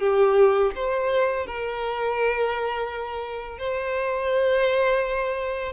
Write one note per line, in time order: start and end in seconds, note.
0.00 0.71 G4
0.75 1.46 C5
1.46 3.58 A#4
3.58 5.73 C5